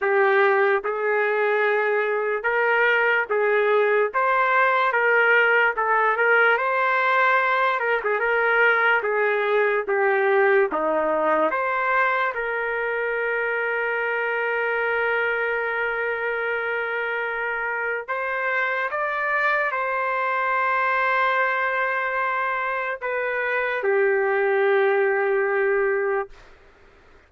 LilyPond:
\new Staff \with { instrumentName = "trumpet" } { \time 4/4 \tempo 4 = 73 g'4 gis'2 ais'4 | gis'4 c''4 ais'4 a'8 ais'8 | c''4. ais'16 gis'16 ais'4 gis'4 | g'4 dis'4 c''4 ais'4~ |
ais'1~ | ais'2 c''4 d''4 | c''1 | b'4 g'2. | }